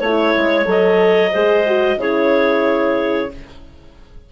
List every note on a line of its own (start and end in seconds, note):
0.00 0.34 A3
0.00 0.66 E4
0.00 0.66 C#5
0.00 1.33 C#5
0.37 0.66 G#3
0.66 1.32 F#3
0.66 1.32 A4
0.66 2.01 D#5
1.33 1.97 G#3
1.33 1.67 G#4
1.33 1.99 C5
1.67 1.99 F#4
1.97 3.28 C#3
1.97 3.31 E4
1.97 3.31 G#4
1.97 3.32 C#5